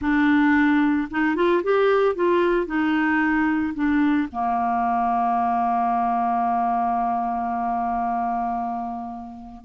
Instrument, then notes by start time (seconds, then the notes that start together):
clarinet
0.01 D4
1.11 D#4
1.35 F4
1.63 G4
2.15 F4
2.66 D#4
3.74 D4
4.31 A#3